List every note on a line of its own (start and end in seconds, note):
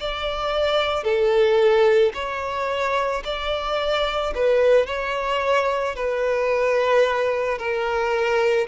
0.00 1.03 D5
1.03 2.12 A4
2.14 3.23 C#5
3.24 4.33 D5
4.34 4.86 B4
4.86 5.96 C#5
5.96 7.58 B4
7.58 8.67 A#4